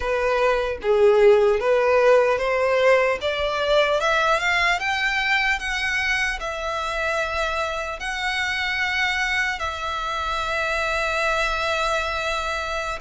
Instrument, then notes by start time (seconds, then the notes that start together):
violin
0.00 B4
0.81 G#4
1.60 B4
2.38 C5
3.21 D5
4.00 E5
4.39 F5
4.79 G5
5.59 F#5
6.40 E5
7.99 F#5
9.59 E5